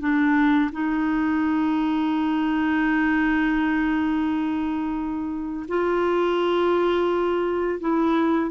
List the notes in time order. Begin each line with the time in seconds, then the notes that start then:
0.00 D4
0.72 D#4
5.68 F4
7.80 E4